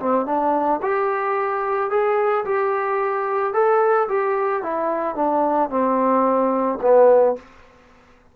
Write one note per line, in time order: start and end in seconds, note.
0.00 0.26 C4
0.26 0.81 D4
0.83 1.91 G4
1.91 2.45 G#4
2.45 3.54 G4
3.54 4.08 A4
4.09 4.63 G4
4.63 5.16 E4
5.16 5.70 D4
5.70 6.80 C4
6.82 7.36 B3